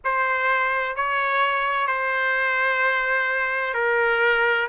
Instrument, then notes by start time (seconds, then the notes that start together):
trumpet
0.04 C5
0.95 C#5
1.87 C5
3.73 A#4